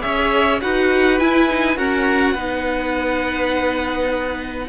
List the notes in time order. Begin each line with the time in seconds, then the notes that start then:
0.00 C#4 G#4 C#5 E5
0.61 D#4 F#4 B4 F#5
1.18 E4 G#5
1.49 D#4
1.76 C#4 F#4 A#4 F#5
2.33 B3 D#4 B4